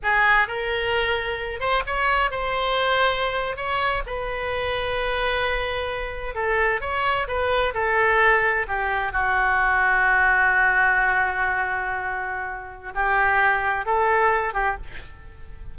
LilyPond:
\new Staff \with { instrumentName = "oboe" } { \time 4/4 \tempo 4 = 130 gis'4 ais'2~ ais'8 c''8 | cis''4 c''2~ c''8. cis''16~ | cis''8. b'2.~ b'16~ | b'4.~ b'16 a'4 cis''4 b'16~ |
b'8. a'2 g'4 fis'16~ | fis'1~ | fis'1 | g'2 a'4. g'8 | }